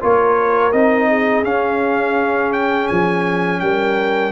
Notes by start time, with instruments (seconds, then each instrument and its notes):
0.00 tuba A#3, trombone F4, horn A#4, trumpet C#5
0.72 tuba C4, trombone D#4, trumpet D#5
1.09 horn G#4
1.44 tuba C#4, trombone C#4, trumpet F5
2.53 trumpet G5
2.88 tuba F3, trumpet G#5
3.60 tuba G3, horn A#4, trumpet G5